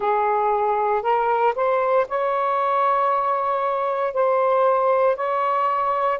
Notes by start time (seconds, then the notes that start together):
0.00 G#4
1.02 A#4
1.55 C5
2.08 C#5
4.13 C5
5.15 C#5